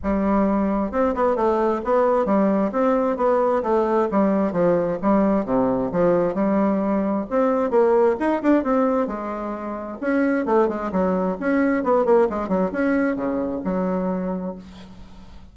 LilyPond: \new Staff \with { instrumentName = "bassoon" } { \time 4/4 \tempo 4 = 132 g2 c'8 b8 a4 | b4 g4 c'4 b4 | a4 g4 f4 g4 | c4 f4 g2 |
c'4 ais4 dis'8 d'8 c'4 | gis2 cis'4 a8 gis8 | fis4 cis'4 b8 ais8 gis8 fis8 | cis'4 cis4 fis2 | }